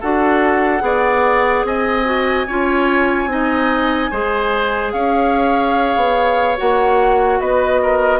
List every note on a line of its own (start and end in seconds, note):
0.00 0.81 D4
0.00 0.80 F#4
0.00 0.82 A4
0.00 1.65 F#5
0.80 1.64 B3
0.80 2.03 G#4
0.80 1.66 D5
1.64 2.46 C4
1.64 2.47 D#5
1.64 4.92 G#5
2.05 2.46 F#4
2.47 3.26 C#4
2.47 3.28 F4
2.47 3.29 C#5
3.26 4.08 C4
3.26 4.11 D#4
3.26 4.10 D#5
4.10 4.93 G#3
4.10 6.57 G#4
4.10 4.93 C5
4.92 5.96 C#4
4.92 7.39 C#5
4.92 6.57 F5
5.96 6.57 B3
6.57 7.40 A#3
6.57 8.19 F#4
6.57 7.40 F#5
7.40 8.19 B3
7.40 7.81 B4
7.40 8.19 D#5
7.83 8.19 A#4